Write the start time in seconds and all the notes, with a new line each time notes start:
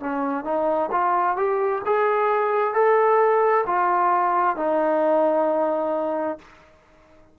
0.00 C#4
0.44 D#4
0.91 F4
1.36 G4
1.85 G#4
2.74 A4
3.66 F4
4.56 D#4